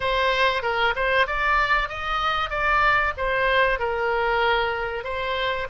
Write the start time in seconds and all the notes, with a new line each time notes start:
0.00 C5
0.62 A#4
0.95 C5
1.26 D5
1.88 D#5
2.50 D5
3.17 C5
3.79 A#4
5.04 C5